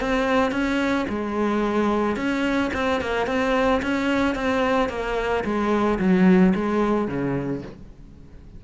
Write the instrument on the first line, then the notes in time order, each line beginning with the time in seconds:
cello
0.00 C4
0.51 C#4
1.09 G#3
2.16 C#4
2.73 C4
3.00 A#3
3.27 C4
3.82 C#4
4.35 C4
4.89 A#3
5.44 G#3
5.99 F#3
6.55 G#3
7.07 C#3